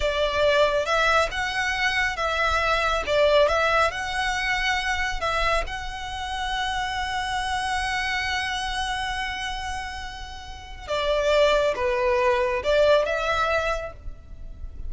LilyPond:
\new Staff \with { instrumentName = "violin" } { \time 4/4 \tempo 4 = 138 d''2 e''4 fis''4~ | fis''4 e''2 d''4 | e''4 fis''2. | e''4 fis''2.~ |
fis''1~ | fis''1~ | fis''4 d''2 b'4~ | b'4 d''4 e''2 | }